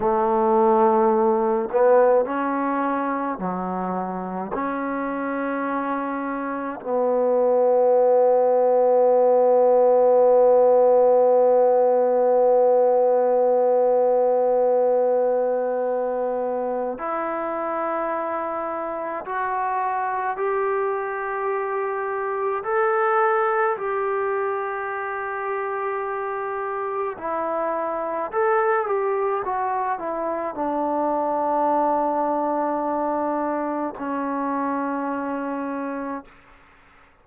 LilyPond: \new Staff \with { instrumentName = "trombone" } { \time 4/4 \tempo 4 = 53 a4. b8 cis'4 fis4 | cis'2 b2~ | b1~ | b2. e'4~ |
e'4 fis'4 g'2 | a'4 g'2. | e'4 a'8 g'8 fis'8 e'8 d'4~ | d'2 cis'2 | }